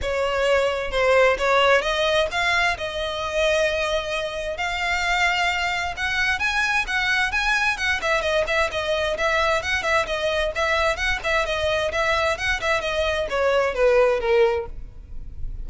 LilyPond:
\new Staff \with { instrumentName = "violin" } { \time 4/4 \tempo 4 = 131 cis''2 c''4 cis''4 | dis''4 f''4 dis''2~ | dis''2 f''2~ | f''4 fis''4 gis''4 fis''4 |
gis''4 fis''8 e''8 dis''8 e''8 dis''4 | e''4 fis''8 e''8 dis''4 e''4 | fis''8 e''8 dis''4 e''4 fis''8 e''8 | dis''4 cis''4 b'4 ais'4 | }